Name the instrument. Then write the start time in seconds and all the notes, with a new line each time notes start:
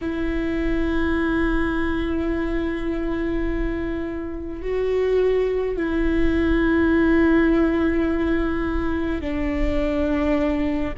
viola
0.01 E4
4.62 F#4
5.76 E4
9.20 D4